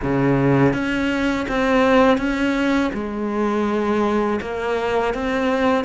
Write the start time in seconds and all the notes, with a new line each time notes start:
0.02 C#3
0.73 C#4
1.48 C4
2.17 C#4
2.93 G#3
4.41 A#3
5.14 C4